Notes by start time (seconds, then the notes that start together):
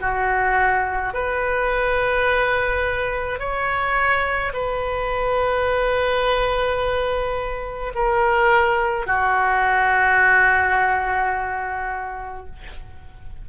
0.00 F#4
1.13 B4
3.39 C#5
4.53 B4
7.95 A#4
9.06 F#4